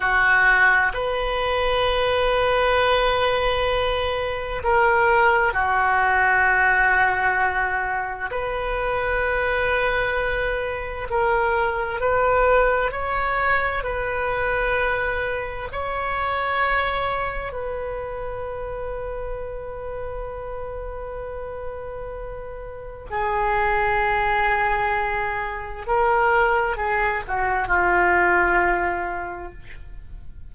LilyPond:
\new Staff \with { instrumentName = "oboe" } { \time 4/4 \tempo 4 = 65 fis'4 b'2.~ | b'4 ais'4 fis'2~ | fis'4 b'2. | ais'4 b'4 cis''4 b'4~ |
b'4 cis''2 b'4~ | b'1~ | b'4 gis'2. | ais'4 gis'8 fis'8 f'2 | }